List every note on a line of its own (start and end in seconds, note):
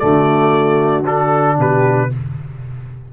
0.00 1.58 D3
0.00 1.04 A3
0.00 1.58 F#4
0.00 1.04 D5
1.06 2.10 D4
1.06 1.59 A4
1.58 2.11 B2
1.58 2.10 G4
1.58 2.13 B4